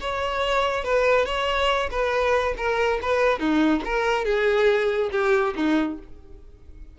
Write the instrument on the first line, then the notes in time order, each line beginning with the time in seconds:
violin
0.00 C#5
0.84 B4
1.25 C#5
1.90 B4
2.57 A#4
3.02 B4
3.39 D#4
3.85 A#4
4.24 G#4
5.11 G4
5.55 D#4